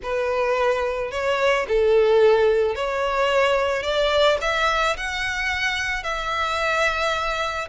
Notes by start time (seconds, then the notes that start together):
0.02 B4
1.11 C#5
1.68 A4
2.75 C#5
3.83 D5
4.41 E5
4.97 F#5
6.03 E5